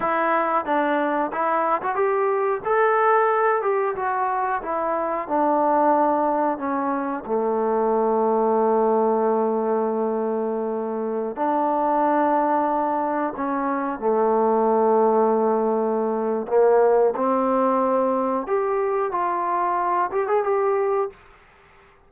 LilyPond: \new Staff \with { instrumentName = "trombone" } { \time 4/4 \tempo 4 = 91 e'4 d'4 e'8. fis'16 g'4 | a'4. g'8 fis'4 e'4 | d'2 cis'4 a4~ | a1~ |
a4~ a16 d'2~ d'8.~ | d'16 cis'4 a2~ a8.~ | a4 ais4 c'2 | g'4 f'4. g'16 gis'16 g'4 | }